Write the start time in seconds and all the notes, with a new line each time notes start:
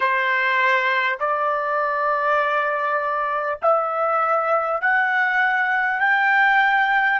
0.00 C5
1.19 D5
3.62 E5
4.81 F#5
5.99 G5